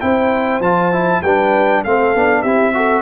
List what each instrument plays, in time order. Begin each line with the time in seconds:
0.00 tuba C4, trombone E4, horn C5, trumpet G5
0.60 tuba F3, trombone F4, trumpet A5
0.92 trombone E4
1.22 tuba G3, trombone D4, horn B4, trumpet G5
1.84 tuba A3, trombone C4, horn A4, trumpet F5
2.15 tuba B3, trombone D4
2.42 tuba C4, trombone E4, horn G4, trumpet E5
2.73 trombone F#4, horn A4